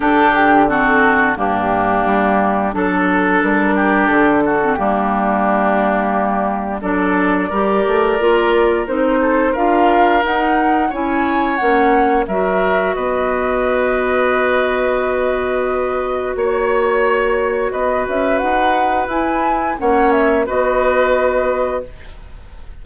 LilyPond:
<<
  \new Staff \with { instrumentName = "flute" } { \time 4/4 \tempo 4 = 88 a'8 g'8 a'4 g'2 | a'4 ais'4 a'4 g'4~ | g'2 d''2~ | d''4 c''4 f''4 fis''4 |
gis''4 fis''4 e''4 dis''4~ | dis''1 | cis''2 dis''8 e''8 fis''4 | gis''4 fis''8 e''8 dis''2 | }
  \new Staff \with { instrumentName = "oboe" } { \time 4/4 g'4 fis'4 d'2 | a'4. g'4 fis'8 d'4~ | d'2 a'4 ais'4~ | ais'4. a'8 ais'2 |
cis''2 ais'4 b'4~ | b'1 | cis''2 b'2~ | b'4 cis''4 b'2 | }
  \new Staff \with { instrumentName = "clarinet" } { \time 4/4 d'4 c'4 ais2 | d'2~ d'8. c'16 ais4~ | ais2 d'4 g'4 | f'4 dis'4 f'4 dis'4 |
e'4 cis'4 fis'2~ | fis'1~ | fis'1 | e'4 cis'4 fis'2 | }
  \new Staff \with { instrumentName = "bassoon" } { \time 4/4 d2 g,4 g4 | fis4 g4 d4 g4~ | g2 fis4 g8 a8 | ais4 c'4 d'4 dis'4 |
cis'4 ais4 fis4 b4~ | b1 | ais2 b8 cis'8 dis'4 | e'4 ais4 b2 | }
>>